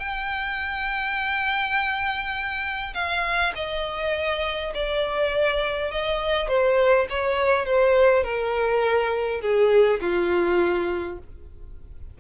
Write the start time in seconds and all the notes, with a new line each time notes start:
0.00 G5
2.94 F5
3.56 D#5
4.75 D5
5.91 D#5
6.49 C5
7.10 C#5
7.66 C5
8.24 A#4
9.42 G#4
10.01 F4